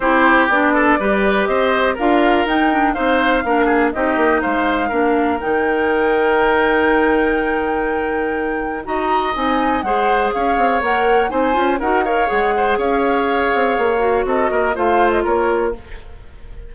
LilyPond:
<<
  \new Staff \with { instrumentName = "flute" } { \time 4/4 \tempo 4 = 122 c''4 d''2 dis''4 | f''4 g''4 f''2 | dis''4 f''2 g''4~ | g''1~ |
g''2 ais''4 gis''4 | fis''4 f''4 fis''4 gis''4 | fis''8 f''8 fis''4 f''2~ | f''4 dis''4 f''8. dis''16 cis''4 | }
  \new Staff \with { instrumentName = "oboe" } { \time 4/4 g'4. a'8 b'4 c''4 | ais'2 c''4 ais'8 gis'8 | g'4 c''4 ais'2~ | ais'1~ |
ais'2 dis''2 | c''4 cis''2 c''4 | ais'8 cis''4 c''8 cis''2~ | cis''4 a'8 ais'8 c''4 ais'4 | }
  \new Staff \with { instrumentName = "clarinet" } { \time 4/4 e'4 d'4 g'2 | f'4 dis'8 d'8 dis'4 d'4 | dis'2 d'4 dis'4~ | dis'1~ |
dis'2 fis'4 dis'4 | gis'2 ais'4 dis'8 f'8 | fis'8 ais'8 gis'2.~ | gis'8 fis'4. f'2 | }
  \new Staff \with { instrumentName = "bassoon" } { \time 4/4 c'4 b4 g4 c'4 | d'4 dis'4 c'4 ais4 | c'8 ais8 gis4 ais4 dis4~ | dis1~ |
dis2 dis'4 c'4 | gis4 cis'8 c'8 ais4 c'8 cis'8 | dis'4 gis4 cis'4. c'8 | ais4 c'8 ais8 a4 ais4 | }
>>